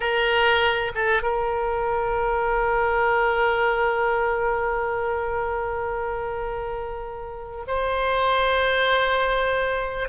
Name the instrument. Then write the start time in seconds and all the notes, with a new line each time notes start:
oboe
0.00 A#4
0.94 A4
1.22 A#4
7.67 C5